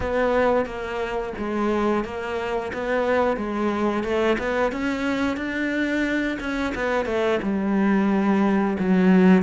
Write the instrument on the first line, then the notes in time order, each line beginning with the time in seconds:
cello
0.00 B3
0.65 A#3
1.38 G#3
2.04 A#3
2.73 B3
3.36 G#3
4.03 A3
4.38 B3
4.72 C#4
5.36 D4
6.40 C#4
6.74 B3
7.05 A3
7.42 G3
8.79 F#3